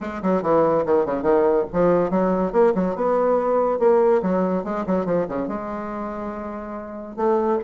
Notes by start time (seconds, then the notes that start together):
0.00 G#3
0.22 F#3
0.42 E3
0.85 D#3
1.05 C#3
1.22 D#3
1.72 F3
2.10 F#3
2.52 A#3
2.74 F#3
2.95 B3
3.79 A#3
4.22 F#3
4.64 G#3
4.86 F#3
5.05 F3
5.28 C#3
5.47 G#3
7.16 A3